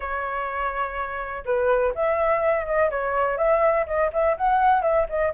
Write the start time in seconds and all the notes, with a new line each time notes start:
0.00 C#5
1.45 B4
1.94 E5
2.65 D#5
2.90 C#5
3.37 E5
3.86 D#5
4.12 E5
4.37 F#5
4.82 E5
5.09 D#5